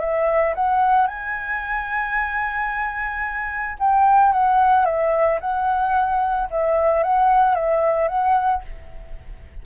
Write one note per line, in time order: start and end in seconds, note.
0.00 0.54 E5
0.55 1.08 F#5
1.08 3.78 G#5
3.79 4.33 G5
4.33 4.86 F#5
4.86 5.40 E5
5.41 6.49 F#5
6.51 7.03 E5
7.03 7.55 F#5
7.55 8.08 E5
8.08 8.62 F#5